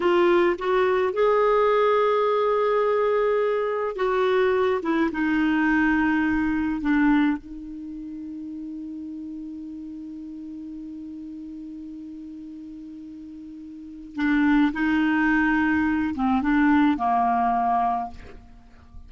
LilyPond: \new Staff \with { instrumentName = "clarinet" } { \time 4/4 \tempo 4 = 106 f'4 fis'4 gis'2~ | gis'2. fis'4~ | fis'8 e'8 dis'2. | d'4 dis'2.~ |
dis'1~ | dis'1~ | dis'4 d'4 dis'2~ | dis'8 c'8 d'4 ais2 | }